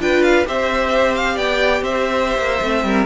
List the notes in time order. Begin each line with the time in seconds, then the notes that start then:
0.00 D4 F4 B4 G5
0.23 F5
0.46 C4 G4 C5 E5
1.15 F5
1.36 B3 D5 G5
1.82 C4 C5 E5
2.39 A#3
2.62 A3 C4
2.84 G3 A#4